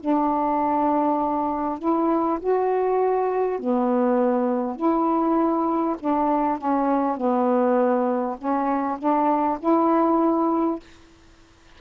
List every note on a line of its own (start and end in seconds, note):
0.00 1.79 D4
1.79 2.39 E4
2.40 3.59 F#4
3.59 4.76 B3
4.76 5.96 E4
5.99 6.58 D4
6.58 7.17 C#4
7.17 8.37 B3
8.38 8.98 C#4
8.98 9.58 D4
9.59 10.79 E4